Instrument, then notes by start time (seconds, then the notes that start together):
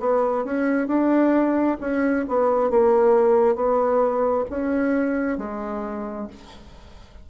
bassoon
0.00 B3
0.45 C#4
0.88 D4
1.81 C#4
2.28 B3
2.70 A#3
3.55 B3
4.50 C#4
5.38 G#3